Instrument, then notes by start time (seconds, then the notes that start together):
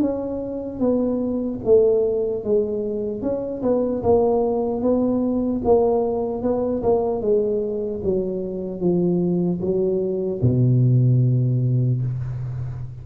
tuba
0.00 C#4
0.79 B3
1.64 A3
2.44 G#3
3.22 C#4
3.62 B3
4.03 A#3
4.81 B3
5.64 A#3
6.42 B3
6.83 A#3
7.21 G#3
8.04 F#3
8.80 F3
9.60 F#3
10.41 B2